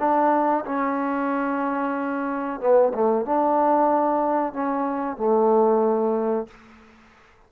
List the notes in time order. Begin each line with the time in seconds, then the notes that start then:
0.00 D4
0.66 C#4
2.61 B3
2.95 A3
3.25 D4
4.53 C#4
5.17 A3